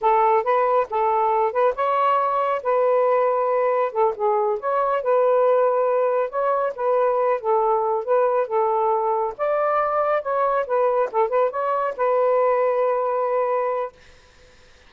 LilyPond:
\new Staff \with { instrumentName = "saxophone" } { \time 4/4 \tempo 4 = 138 a'4 b'4 a'4. b'8 | cis''2 b'2~ | b'4 a'8 gis'4 cis''4 b'8~ | b'2~ b'8 cis''4 b'8~ |
b'4 a'4. b'4 a'8~ | a'4. d''2 cis''8~ | cis''8 b'4 a'8 b'8 cis''4 b'8~ | b'1 | }